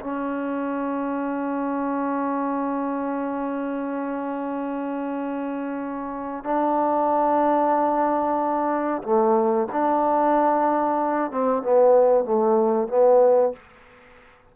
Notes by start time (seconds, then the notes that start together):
0.00 C#4
6.44 D4
9.02 A3
9.72 D4
11.31 C4
11.62 B3
12.24 A3
12.88 B3